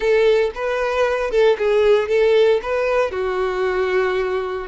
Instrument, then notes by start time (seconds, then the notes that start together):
violin
0.00 A4
0.54 B4
1.30 A4
1.58 G#4
2.08 A4
2.62 B4
3.11 F#4